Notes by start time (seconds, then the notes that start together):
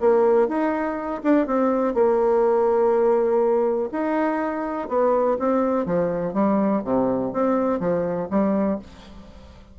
0.00 A#3
0.48 D#4
1.23 D4
1.46 C4
1.94 A#3
3.92 D#4
4.88 B3
5.39 C4
5.86 F3
6.33 G3
6.84 C3
7.33 C4
7.80 F3
8.30 G3